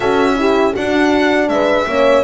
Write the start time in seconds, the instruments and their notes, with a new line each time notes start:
0.00 double bass C#4, horn F#4 A4, violin E5
0.35 horn E4 G4
0.73 horn D4 F#4, double bass D4, violin F#5
1.48 double bass G#3, horn B4, violin E5
1.87 double bass A#3, horn C#4 C#5